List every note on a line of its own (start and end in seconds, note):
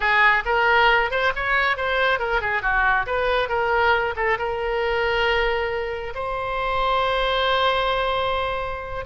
0.00 0.43 G#4
0.45 1.10 A#4
1.10 1.32 C5
1.35 1.76 C#5
1.76 2.19 C5
2.19 2.41 A#4
2.41 2.62 G#4
2.62 3.06 F#4
3.06 3.48 B4
3.48 4.14 A#4
4.15 4.37 A4
4.38 6.13 A#4
6.14 9.05 C5